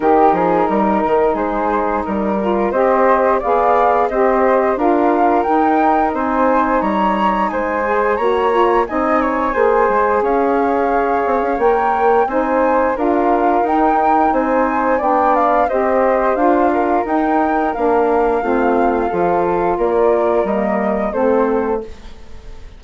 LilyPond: <<
  \new Staff \with { instrumentName = "flute" } { \time 4/4 \tempo 4 = 88 ais'2 c''4 ais'4 | dis''4 f''4 dis''4 f''4 | g''4 gis''4 ais''4 gis''4 | ais''4 gis''2 f''4~ |
f''4 g''4 gis''4 f''4 | g''4 gis''4 g''8 f''8 dis''4 | f''4 g''4 f''2~ | f''4 d''4 dis''4 c''4 | }
  \new Staff \with { instrumentName = "flute" } { \time 4/4 g'8 gis'8 ais'4 gis'4 ais'4 | c''4 d''4 c''4 ais'4~ | ais'4 c''4 cis''4 c''4 | cis''4 dis''8 cis''8 c''4 cis''4~ |
cis''2 c''4 ais'4~ | ais'4 c''4 d''4 c''4~ | c''8 ais'2~ ais'8 f'4 | a'4 ais'2 a'4 | }
  \new Staff \with { instrumentName = "saxophone" } { \time 4/4 dis'2.~ dis'8 f'8 | g'4 gis'4 g'4 f'4 | dis'2.~ dis'8 gis'8 | fis'8 f'8 dis'4 gis'2~ |
gis'4 ais'4 dis'4 f'4 | dis'2 d'4 g'4 | f'4 dis'4 d'4 c'4 | f'2 ais4 c'4 | }
  \new Staff \with { instrumentName = "bassoon" } { \time 4/4 dis8 f8 g8 dis8 gis4 g4 | c'4 b4 c'4 d'4 | dis'4 c'4 g4 gis4 | ais4 c'4 ais8 gis8 cis'4~ |
cis'8 c'16 cis'16 ais4 c'4 d'4 | dis'4 c'4 b4 c'4 | d'4 dis'4 ais4 a4 | f4 ais4 g4 a4 | }
>>